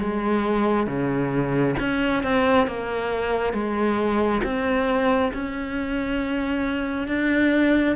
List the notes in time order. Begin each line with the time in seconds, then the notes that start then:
0.00 G#3
0.87 C#3
1.79 C#4
2.23 C4
2.67 A#3
3.53 G#3
4.44 C4
5.33 C#4
7.08 D4